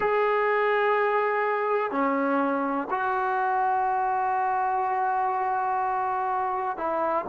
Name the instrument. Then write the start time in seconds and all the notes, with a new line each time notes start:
trombone
0.00 G#4
1.91 C#4
2.90 F#4
6.77 E4